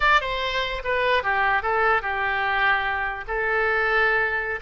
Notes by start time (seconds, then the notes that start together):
0.00 D5
0.21 C5
0.84 B4
1.23 G4
1.62 A4
2.02 G4
3.27 A4